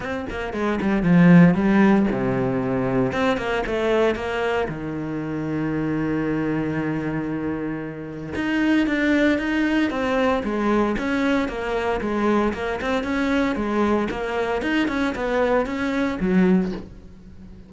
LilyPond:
\new Staff \with { instrumentName = "cello" } { \time 4/4 \tempo 4 = 115 c'8 ais8 gis8 g8 f4 g4 | c2 c'8 ais8 a4 | ais4 dis2.~ | dis1 |
dis'4 d'4 dis'4 c'4 | gis4 cis'4 ais4 gis4 | ais8 c'8 cis'4 gis4 ais4 | dis'8 cis'8 b4 cis'4 fis4 | }